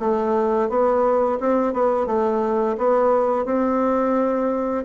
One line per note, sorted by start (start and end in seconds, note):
0.00 0.69 A3
0.69 1.39 B3
1.40 1.73 C4
1.73 2.07 B3
2.07 2.77 A3
2.78 3.46 B3
3.46 4.85 C4